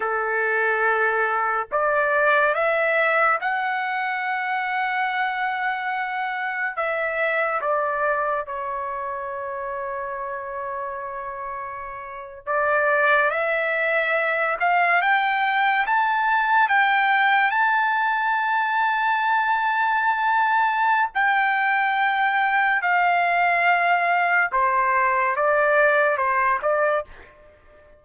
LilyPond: \new Staff \with { instrumentName = "trumpet" } { \time 4/4 \tempo 4 = 71 a'2 d''4 e''4 | fis''1 | e''4 d''4 cis''2~ | cis''2~ cis''8. d''4 e''16~ |
e''4~ e''16 f''8 g''4 a''4 g''16~ | g''8. a''2.~ a''16~ | a''4 g''2 f''4~ | f''4 c''4 d''4 c''8 d''8 | }